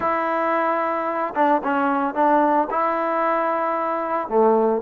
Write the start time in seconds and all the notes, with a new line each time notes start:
0.00 E4
1.35 D4
1.63 C#4
2.14 D4
2.70 E4
4.28 A3